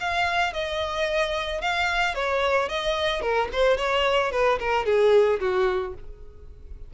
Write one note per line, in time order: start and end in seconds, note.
0.00 0.53 F5
0.53 1.61 D#5
1.61 2.15 F5
2.15 2.69 C#5
2.69 3.21 D#5
3.21 3.48 A#4
3.52 3.77 C5
3.77 4.31 C#5
4.32 4.59 B4
4.59 4.86 A#4
4.86 5.40 G#4
5.40 5.94 F#4